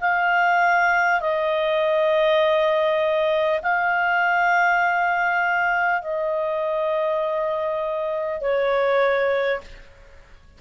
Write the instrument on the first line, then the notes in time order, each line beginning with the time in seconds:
clarinet
0.00 F5
1.20 D#5
3.62 F5
6.01 D#5
8.41 C#5